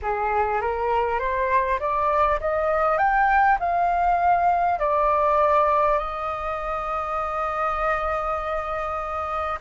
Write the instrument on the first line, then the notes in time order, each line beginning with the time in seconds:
flute
0.02 G#4
0.61 A#4
1.19 C5
1.79 D5
2.40 D#5
2.98 G5
3.59 F5
4.79 D5
5.98 D#5